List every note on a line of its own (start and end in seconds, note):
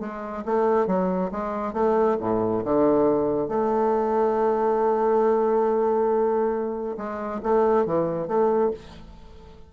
0.00 0.43 G#3
0.45 0.87 A3
0.87 1.30 F#3
1.31 1.73 G#3
1.73 2.17 A3
2.20 2.64 A2
2.64 3.48 D3
3.48 6.96 A3
6.97 7.41 G#3
7.43 7.85 A3
7.85 8.27 E3
8.27 8.71 A3